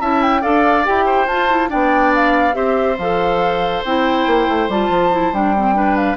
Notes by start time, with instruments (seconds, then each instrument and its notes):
0.00 bassoon C#4, clarinet E4, oboe E5, flute A5
0.22 flute G5
0.41 bassoon D4, clarinet A4, oboe D5, flute F5
0.84 bassoon E4, clarinet G4, flute G5
1.05 oboe C5
1.27 bassoon F4, clarinet F4, flute A5
1.49 clarinet E4
1.69 bassoon B3, clarinet D4, oboe D5, flute G5
2.14 flute F5
2.52 bassoon C4, clarinet G4, oboe C5, flute E5
2.98 bassoon F3, clarinet A4, flute F5
3.84 bassoon C4, clarinet E4, flute G5
4.26 bassoon A#3
4.48 bassoon A3
4.68 bassoon G3, clarinet F4, flute A5
4.89 bassoon F3
5.11 clarinet E4
5.32 bassoon G3, clarinet D4, flute G5
5.56 clarinet C4
5.74 clarinet D4, oboe B4
5.96 flute F5